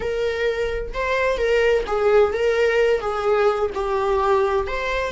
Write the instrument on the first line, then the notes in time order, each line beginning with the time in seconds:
viola
0.00 A#4
0.93 C5
1.37 A#4
1.86 G#4
2.33 A#4
3.00 G#4
3.74 G4
4.67 C5